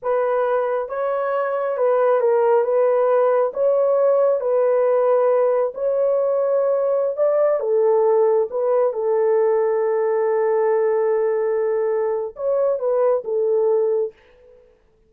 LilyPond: \new Staff \with { instrumentName = "horn" } { \time 4/4 \tempo 4 = 136 b'2 cis''2 | b'4 ais'4 b'2 | cis''2 b'2~ | b'4 cis''2.~ |
cis''16 d''4 a'2 b'8.~ | b'16 a'2.~ a'8.~ | a'1 | cis''4 b'4 a'2 | }